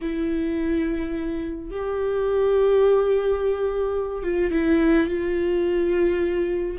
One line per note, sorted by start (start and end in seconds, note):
0.01 1.71 E4
1.71 4.23 G4
4.23 4.51 F4
4.51 5.07 E4
5.07 6.77 F4